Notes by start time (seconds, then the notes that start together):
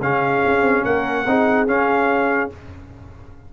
0.00 C#3 C#4 G#4 F5
0.45 C#4
0.61 C4
0.84 A#3 A#4 F#5
1.25 C4 D#4 G#4
1.67 C#4 F5